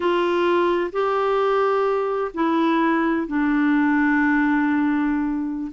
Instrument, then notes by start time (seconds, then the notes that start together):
clarinet
0.00 F4
0.92 G4
2.34 E4
3.27 D4